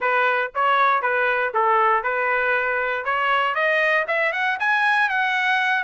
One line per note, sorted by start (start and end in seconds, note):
0.00 0.51 B4
0.55 1.01 C#5
1.01 1.52 B4
1.53 2.03 A4
2.03 3.04 B4
3.04 3.54 C#5
3.54 4.05 D#5
4.07 4.32 E5
4.32 4.58 F#5
4.59 5.09 G#5
5.09 5.83 F#5